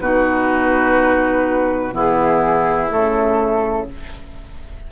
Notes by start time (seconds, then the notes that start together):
0.00 B2 D#4 F#4 B4
1.92 E3 B3 E4 G#4
2.89 C#3 A3 A4